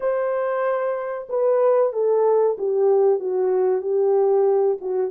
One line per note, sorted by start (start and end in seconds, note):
0.00 1.28 C5
1.29 1.92 B4
1.92 2.56 A4
2.58 3.19 G4
3.19 3.82 F#4
3.82 4.77 G4
4.80 5.11 F#4